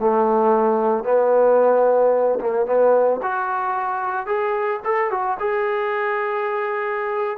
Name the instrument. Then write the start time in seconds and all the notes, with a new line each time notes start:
trombone
0.00 A3
1.04 B3
2.40 A#3
2.66 B3
3.22 F#4
4.26 G#4
4.84 A4
5.11 F#4
5.39 G#4